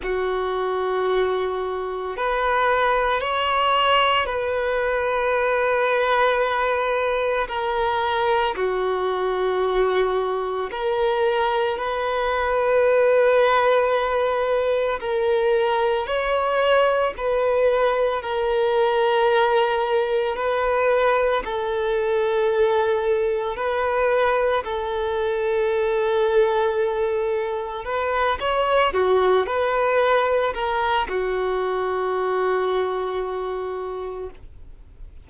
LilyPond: \new Staff \with { instrumentName = "violin" } { \time 4/4 \tempo 4 = 56 fis'2 b'4 cis''4 | b'2. ais'4 | fis'2 ais'4 b'4~ | b'2 ais'4 cis''4 |
b'4 ais'2 b'4 | a'2 b'4 a'4~ | a'2 b'8 cis''8 fis'8 b'8~ | b'8 ais'8 fis'2. | }